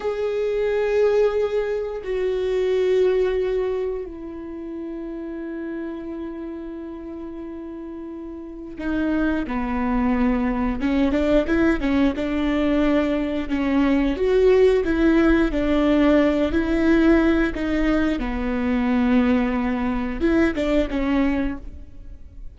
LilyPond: \new Staff \with { instrumentName = "viola" } { \time 4/4 \tempo 4 = 89 gis'2. fis'4~ | fis'2 e'2~ | e'1~ | e'4 dis'4 b2 |
cis'8 d'8 e'8 cis'8 d'2 | cis'4 fis'4 e'4 d'4~ | d'8 e'4. dis'4 b4~ | b2 e'8 d'8 cis'4 | }